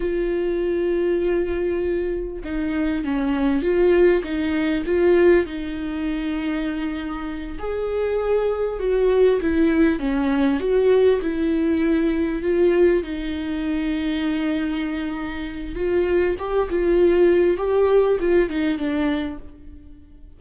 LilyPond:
\new Staff \with { instrumentName = "viola" } { \time 4/4 \tempo 4 = 99 f'1 | dis'4 cis'4 f'4 dis'4 | f'4 dis'2.~ | dis'8 gis'2 fis'4 e'8~ |
e'8 cis'4 fis'4 e'4.~ | e'8 f'4 dis'2~ dis'8~ | dis'2 f'4 g'8 f'8~ | f'4 g'4 f'8 dis'8 d'4 | }